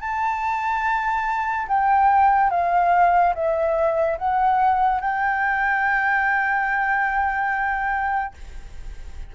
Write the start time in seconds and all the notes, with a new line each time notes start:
0.00 A5
1.67 G5
2.50 F5
3.34 E5
4.18 F#5
5.00 G5